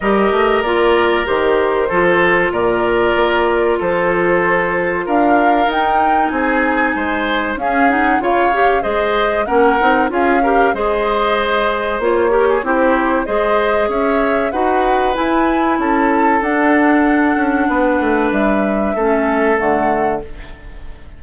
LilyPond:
<<
  \new Staff \with { instrumentName = "flute" } { \time 4/4 \tempo 4 = 95 dis''4 d''4 c''2 | d''2 c''2 | f''4 g''4 gis''2 | f''8 fis''8 f''4 dis''4 fis''4 |
f''4 dis''2 cis''4 | c''4 dis''4 e''4 fis''4 | gis''4 a''4 fis''2~ | fis''4 e''2 fis''4 | }
  \new Staff \with { instrumentName = "oboe" } { \time 4/4 ais'2. a'4 | ais'2 a'2 | ais'2 gis'4 c''4 | gis'4 cis''4 c''4 ais'4 |
gis'8 ais'8 c''2~ c''8 ais'16 gis'16 | g'4 c''4 cis''4 b'4~ | b'4 a'2. | b'2 a'2 | }
  \new Staff \with { instrumentName = "clarinet" } { \time 4/4 g'4 f'4 g'4 f'4~ | f'1~ | f'4 dis'2. | cis'8 dis'8 f'8 g'8 gis'4 cis'8 dis'8 |
f'8 g'8 gis'2 f'8 g'8 | e'4 gis'2 fis'4 | e'2 d'2~ | d'2 cis'4 a4 | }
  \new Staff \with { instrumentName = "bassoon" } { \time 4/4 g8 a8 ais4 dis4 f4 | ais,4 ais4 f2 | d'4 dis'4 c'4 gis4 | cis'4 cis4 gis4 ais8 c'8 |
cis'4 gis2 ais4 | c'4 gis4 cis'4 dis'4 | e'4 cis'4 d'4. cis'8 | b8 a8 g4 a4 d4 | }
>>